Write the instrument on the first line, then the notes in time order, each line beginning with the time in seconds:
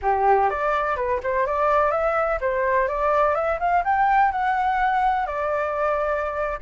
flute
0.02 G4
0.49 D5
0.96 B4
1.23 C5
1.46 D5
1.91 E5
2.40 C5
2.88 D5
3.35 E5
3.59 F5
3.84 G5
4.31 F#5
5.26 D5